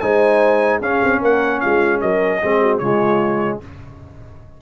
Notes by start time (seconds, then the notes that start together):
0.00 G#3 D#4 C5 G#5
0.80 C#4 G#4 F5
1.03 C4
1.21 A#3 A#4 F#5
1.60 G#3 F4 F5
2.01 F#3 A#4 D#5
2.42 G#3 C4 G#4
2.61 F#4
2.78 C#3 G#3 F4 C#5